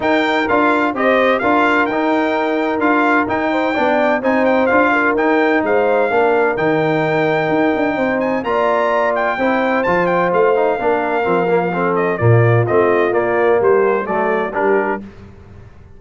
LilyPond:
<<
  \new Staff \with { instrumentName = "trumpet" } { \time 4/4 \tempo 4 = 128 g''4 f''4 dis''4 f''4 | g''2 f''4 g''4~ | g''4 gis''8 g''8 f''4 g''4 | f''2 g''2~ |
g''4. gis''8 ais''4. g''8~ | g''4 a''8 g''8 f''2~ | f''4. dis''8 d''4 dis''4 | d''4 c''4 d''4 ais'4 | }
  \new Staff \with { instrumentName = "horn" } { \time 4/4 ais'2 c''4 ais'4~ | ais'2.~ ais'8 c''8 | d''4 c''4. ais'4. | c''4 ais'2.~ |
ais'4 c''4 d''2 | c''2. ais'4~ | ais'4 a'4 f'2~ | f'4 g'4 a'4 g'4 | }
  \new Staff \with { instrumentName = "trombone" } { \time 4/4 dis'4 f'4 g'4 f'4 | dis'2 f'4 dis'4 | d'4 dis'4 f'4 dis'4~ | dis'4 d'4 dis'2~ |
dis'2 f'2 | e'4 f'4. dis'8 d'4 | c'8 ais8 c'4 ais4 c'4 | ais2 a4 d'4 | }
  \new Staff \with { instrumentName = "tuba" } { \time 4/4 dis'4 d'4 c'4 d'4 | dis'2 d'4 dis'4 | b4 c'4 d'4 dis'4 | gis4 ais4 dis2 |
dis'8 d'8 c'4 ais2 | c'4 f4 a4 ais4 | f2 ais,4 a4 | ais4 g4 fis4 g4 | }
>>